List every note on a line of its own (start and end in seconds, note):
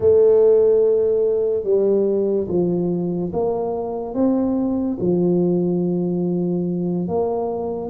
0.00 1.63 A3
1.63 2.47 G3
2.48 3.31 F3
3.33 4.14 A#3
4.14 4.97 C4
5.00 7.08 F3
7.08 7.89 A#3